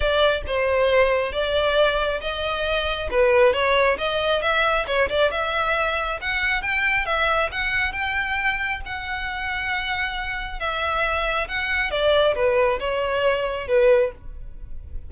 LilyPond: \new Staff \with { instrumentName = "violin" } { \time 4/4 \tempo 4 = 136 d''4 c''2 d''4~ | d''4 dis''2 b'4 | cis''4 dis''4 e''4 cis''8 d''8 | e''2 fis''4 g''4 |
e''4 fis''4 g''2 | fis''1 | e''2 fis''4 d''4 | b'4 cis''2 b'4 | }